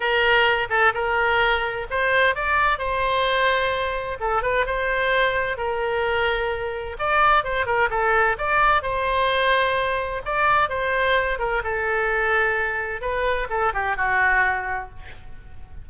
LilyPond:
\new Staff \with { instrumentName = "oboe" } { \time 4/4 \tempo 4 = 129 ais'4. a'8 ais'2 | c''4 d''4 c''2~ | c''4 a'8 b'8 c''2 | ais'2. d''4 |
c''8 ais'8 a'4 d''4 c''4~ | c''2 d''4 c''4~ | c''8 ais'8 a'2. | b'4 a'8 g'8 fis'2 | }